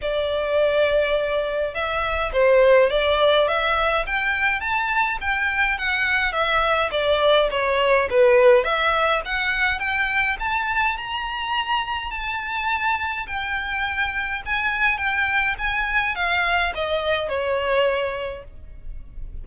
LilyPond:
\new Staff \with { instrumentName = "violin" } { \time 4/4 \tempo 4 = 104 d''2. e''4 | c''4 d''4 e''4 g''4 | a''4 g''4 fis''4 e''4 | d''4 cis''4 b'4 e''4 |
fis''4 g''4 a''4 ais''4~ | ais''4 a''2 g''4~ | g''4 gis''4 g''4 gis''4 | f''4 dis''4 cis''2 | }